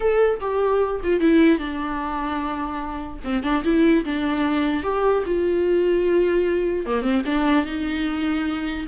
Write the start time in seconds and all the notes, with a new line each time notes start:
0.00 A4
0.40 G4
1.03 F4
1.20 E4
1.58 D4
3.24 C4
3.43 D4
3.64 E4
4.04 D4
4.83 G4
5.26 F4
6.85 A#3
7.02 C4
7.25 D4
7.65 D#4